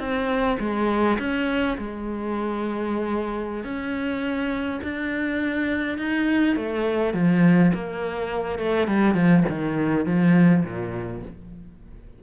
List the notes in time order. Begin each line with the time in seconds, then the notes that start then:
0.00 C4
0.60 G#3
1.19 C#4
1.79 G#3
3.64 C#4
4.83 D4
5.98 D#4
6.57 A3
7.14 F3
7.74 A#3
8.59 A3
8.88 G3
9.15 F3
9.50 D#3
10.06 F3
10.65 A#2